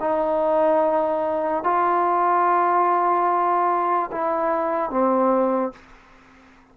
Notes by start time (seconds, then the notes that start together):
0.00 D#4
1.64 F4
4.12 E4
4.90 C4